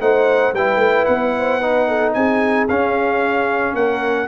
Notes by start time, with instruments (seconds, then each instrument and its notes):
0.00 tuba A3, trombone D#4, horn C5, trumpet F#5
0.53 tuba G3, trombone E4, horn B4, trumpet G5
0.76 tuba A3
1.05 tuba B3, trumpet F#5
1.37 horn C5
1.61 trombone D#4, horn B4
1.88 horn A4
2.13 tuba C4, horn G#4, trumpet G#5
2.68 tuba C#4, trombone C#4, trumpet F5
3.74 tuba A#3, horn A#4, trumpet F#5